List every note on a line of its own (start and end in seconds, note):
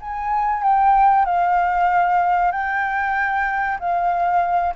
0.00 0.62 G#5
0.62 1.25 G5
1.25 2.51 F5
2.51 3.78 G5
3.79 4.74 F5